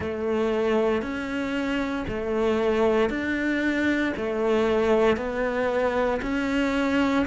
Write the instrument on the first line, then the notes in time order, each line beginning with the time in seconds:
cello
0.00 A3
1.02 C#4
2.07 A3
3.09 D4
4.17 A3
5.16 B3
6.22 C#4